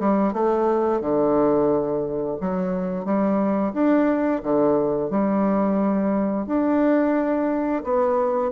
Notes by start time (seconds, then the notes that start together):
0.00 G3
0.33 A3
1.01 D3
2.41 F#3
3.05 G3
3.74 D4
4.43 D3
5.10 G3
6.47 D4
7.84 B3